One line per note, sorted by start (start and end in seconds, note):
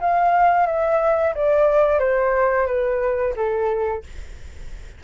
0.00 0.67 F5
0.67 1.34 E5
1.35 1.99 D5
1.99 2.67 C5
2.67 3.34 B4
3.36 4.04 A4